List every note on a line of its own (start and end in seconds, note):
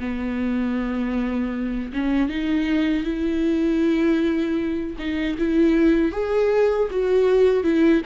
0.00 1.92 B3
1.93 2.29 C#4
2.29 3.04 D#4
3.04 4.96 E4
4.99 5.37 D#4
5.38 6.12 E4
6.12 6.89 G#4
6.91 7.64 F#4
7.64 8.02 E4